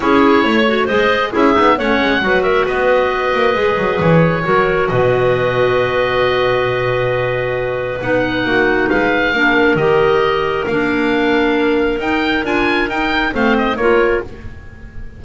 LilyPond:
<<
  \new Staff \with { instrumentName = "oboe" } { \time 4/4 \tempo 4 = 135 cis''2 dis''4 e''4 | fis''4. e''8 dis''2~ | dis''4 cis''2 dis''4~ | dis''1~ |
dis''2 fis''2 | f''2 dis''2 | f''2. g''4 | gis''4 g''4 f''8 dis''8 cis''4 | }
  \new Staff \with { instrumentName = "clarinet" } { \time 4/4 gis'4 cis''4 c''4 gis'4 | cis''4 b'8 ais'8 b'2~ | b'2 ais'4 b'4~ | b'1~ |
b'2. fis'4 | b'4 ais'2.~ | ais'1~ | ais'2 c''4 ais'4 | }
  \new Staff \with { instrumentName = "clarinet" } { \time 4/4 e'4. fis'8 gis'4 e'8 dis'8 | cis'4 fis'2. | gis'2 fis'2~ | fis'1~ |
fis'2 dis'2~ | dis'4 d'4 g'2 | d'2. dis'4 | f'4 dis'4 c'4 f'4 | }
  \new Staff \with { instrumentName = "double bass" } { \time 4/4 cis'4 a4 gis4 cis'8 b8 | a8 gis8 fis4 b4. ais8 | gis8 fis8 e4 fis4 b,4~ | b,1~ |
b,2 b4 ais4 | gis4 ais4 dis2 | ais2. dis'4 | d'4 dis'4 a4 ais4 | }
>>